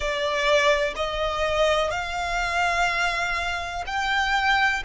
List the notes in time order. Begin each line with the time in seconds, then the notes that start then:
0.00 D5
0.96 D#5
1.90 F5
3.86 G5